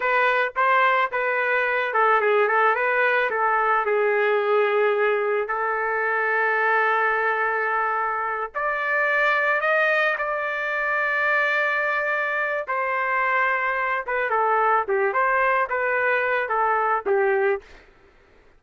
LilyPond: \new Staff \with { instrumentName = "trumpet" } { \time 4/4 \tempo 4 = 109 b'4 c''4 b'4. a'8 | gis'8 a'8 b'4 a'4 gis'4~ | gis'2 a'2~ | a'2.~ a'8 d''8~ |
d''4. dis''4 d''4.~ | d''2. c''4~ | c''4. b'8 a'4 g'8 c''8~ | c''8 b'4. a'4 g'4 | }